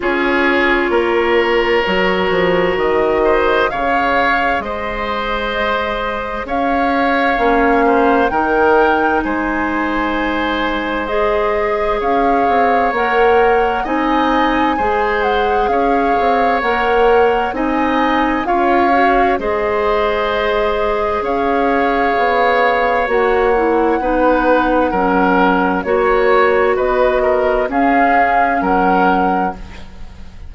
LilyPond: <<
  \new Staff \with { instrumentName = "flute" } { \time 4/4 \tempo 4 = 65 cis''2. dis''4 | f''4 dis''2 f''4~ | f''4 g''4 gis''2 | dis''4 f''4 fis''4 gis''4~ |
gis''8 fis''8 f''4 fis''4 gis''4 | f''4 dis''2 f''4~ | f''4 fis''2. | cis''4 dis''4 f''4 fis''4 | }
  \new Staff \with { instrumentName = "oboe" } { \time 4/4 gis'4 ais'2~ ais'8 c''8 | cis''4 c''2 cis''4~ | cis''8 c''8 ais'4 c''2~ | c''4 cis''2 dis''4 |
c''4 cis''2 dis''4 | cis''4 c''2 cis''4~ | cis''2 b'4 ais'4 | cis''4 b'8 ais'8 gis'4 ais'4 | }
  \new Staff \with { instrumentName = "clarinet" } { \time 4/4 f'2 fis'2 | gis'1 | cis'4 dis'2. | gis'2 ais'4 dis'4 |
gis'2 ais'4 dis'4 | f'8 fis'8 gis'2.~ | gis'4 fis'8 e'8 dis'4 cis'4 | fis'2 cis'2 | }
  \new Staff \with { instrumentName = "bassoon" } { \time 4/4 cis'4 ais4 fis8 f8 dis4 | cis4 gis2 cis'4 | ais4 dis4 gis2~ | gis4 cis'8 c'8 ais4 c'4 |
gis4 cis'8 c'8 ais4 c'4 | cis'4 gis2 cis'4 | b4 ais4 b4 fis4 | ais4 b4 cis'4 fis4 | }
>>